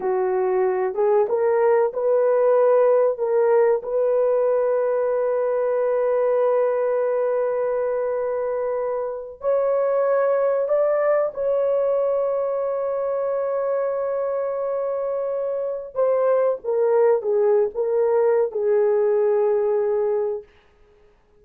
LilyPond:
\new Staff \with { instrumentName = "horn" } { \time 4/4 \tempo 4 = 94 fis'4. gis'8 ais'4 b'4~ | b'4 ais'4 b'2~ | b'1~ | b'2~ b'8. cis''4~ cis''16~ |
cis''8. d''4 cis''2~ cis''16~ | cis''1~ | cis''4 c''4 ais'4 gis'8. ais'16~ | ais'4 gis'2. | }